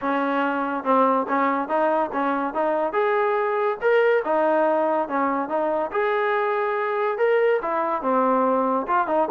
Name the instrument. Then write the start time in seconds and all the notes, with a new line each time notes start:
trombone
0.01 C#4
0.84 C4
1.28 C#4
1.68 D#4
2.12 C#4
2.54 D#4
2.93 G#4
3.81 A#4
4.24 D#4
5.08 C#4
5.48 D#4
5.91 G#4
7.18 A#4
7.62 E4
8.02 C4
8.87 F4
9.07 D#4